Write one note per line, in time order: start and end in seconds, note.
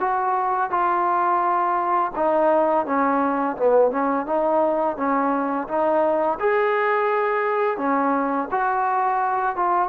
0.00 0.71 F#4
0.71 2.12 F4
2.16 2.86 D#4
2.86 3.56 C#4
3.57 3.91 B3
3.91 4.26 C#4
4.26 4.97 D#4
4.97 5.68 C#4
5.68 6.39 D#4
6.40 7.78 G#4
7.78 8.48 C#4
8.51 9.56 F#4
9.56 9.89 F4